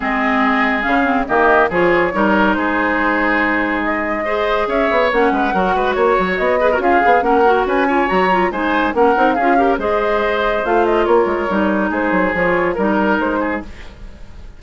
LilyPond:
<<
  \new Staff \with { instrumentName = "flute" } { \time 4/4 \tempo 4 = 141 dis''2 f''4 dis''4 | cis''2 c''2~ | c''4 dis''2 e''4 | fis''2 cis''4 dis''4 |
f''4 fis''4 gis''4 ais''4 | gis''4 fis''4 f''4 dis''4~ | dis''4 f''8 dis''8 cis''2 | c''4 cis''4 ais'4 c''4 | }
  \new Staff \with { instrumentName = "oboe" } { \time 4/4 gis'2. g'4 | gis'4 ais'4 gis'2~ | gis'2 c''4 cis''4~ | cis''8 b'8 ais'8 b'8 cis''4. b'16 ais'16 |
gis'4 ais'4 b'8 cis''4. | c''4 ais'4 gis'8 ais'8 c''4~ | c''2 ais'2 | gis'2 ais'4. gis'8 | }
  \new Staff \with { instrumentName = "clarinet" } { \time 4/4 c'2 cis'8 c'8 ais4 | f'4 dis'2.~ | dis'2 gis'2 | cis'4 fis'2~ fis'8 gis'16 fis'16 |
f'8 gis'8 cis'8 fis'4 f'8 fis'8 f'8 | dis'4 cis'8 dis'8 f'8 g'8 gis'4~ | gis'4 f'2 dis'4~ | dis'4 f'4 dis'2 | }
  \new Staff \with { instrumentName = "bassoon" } { \time 4/4 gis2 cis4 dis4 | f4 g4 gis2~ | gis2. cis'8 b8 | ais8 gis8 fis8 gis8 ais8 fis8 b4 |
cis'8 b8 ais4 cis'4 fis4 | gis4 ais8 c'8 cis'4 gis4~ | gis4 a4 ais8 gis8 g4 | gis8 fis8 f4 g4 gis4 | }
>>